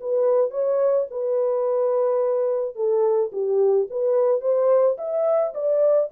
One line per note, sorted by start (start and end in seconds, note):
0.00 0.51 B4
0.51 1.06 C#5
1.10 2.75 B4
2.75 3.31 A4
3.32 3.88 G4
3.90 4.41 B4
4.41 4.96 C5
4.98 5.53 E5
5.54 6.10 D5